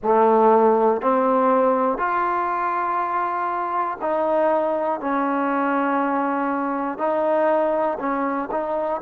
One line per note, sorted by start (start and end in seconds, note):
0.03 1.01 A3
1.01 1.97 C4
1.97 3.98 F4
4.00 5.00 D#4
5.00 6.98 C#4
6.98 7.98 D#4
7.99 8.49 C#4
8.51 9.01 D#4